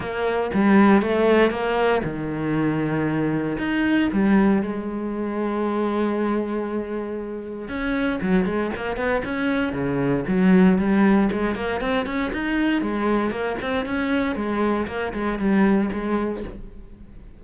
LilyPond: \new Staff \with { instrumentName = "cello" } { \time 4/4 \tempo 4 = 117 ais4 g4 a4 ais4 | dis2. dis'4 | g4 gis2.~ | gis2. cis'4 |
fis8 gis8 ais8 b8 cis'4 cis4 | fis4 g4 gis8 ais8 c'8 cis'8 | dis'4 gis4 ais8 c'8 cis'4 | gis4 ais8 gis8 g4 gis4 | }